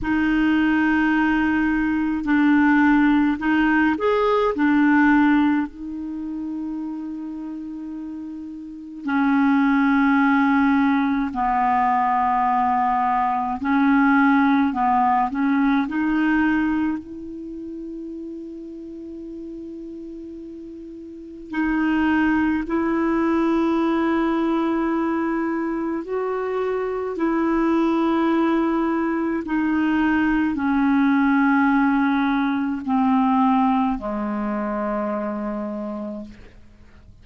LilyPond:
\new Staff \with { instrumentName = "clarinet" } { \time 4/4 \tempo 4 = 53 dis'2 d'4 dis'8 gis'8 | d'4 dis'2. | cis'2 b2 | cis'4 b8 cis'8 dis'4 e'4~ |
e'2. dis'4 | e'2. fis'4 | e'2 dis'4 cis'4~ | cis'4 c'4 gis2 | }